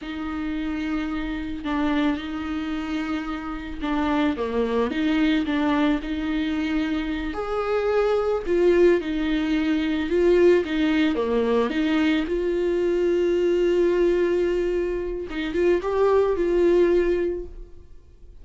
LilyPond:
\new Staff \with { instrumentName = "viola" } { \time 4/4 \tempo 4 = 110 dis'2. d'4 | dis'2. d'4 | ais4 dis'4 d'4 dis'4~ | dis'4. gis'2 f'8~ |
f'8 dis'2 f'4 dis'8~ | dis'8 ais4 dis'4 f'4.~ | f'1 | dis'8 f'8 g'4 f'2 | }